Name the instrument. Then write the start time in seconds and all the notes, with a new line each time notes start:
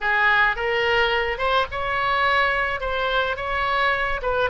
oboe
0.01 G#4
0.56 A#4
1.37 C5
1.71 C#5
2.80 C5
3.36 C#5
4.22 B4